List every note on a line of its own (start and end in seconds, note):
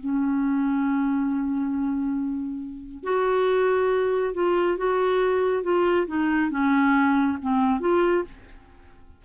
0.00 3.04 C#4
3.04 4.34 F#4
4.34 4.77 F4
4.77 5.63 F#4
5.63 6.07 F4
6.07 6.51 D#4
6.51 7.38 C#4
7.42 7.80 C4
7.80 8.24 F4